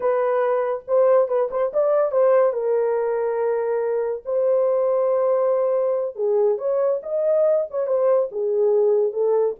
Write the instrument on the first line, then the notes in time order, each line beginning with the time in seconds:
horn
0.00 B4
0.87 C5
1.28 B4
1.50 C5
1.73 D5
2.11 C5
2.52 A#4
4.25 C5
6.15 G#4
6.57 C#5
7.02 D#5
7.70 C#5
7.86 C5
8.31 G#4
9.12 A4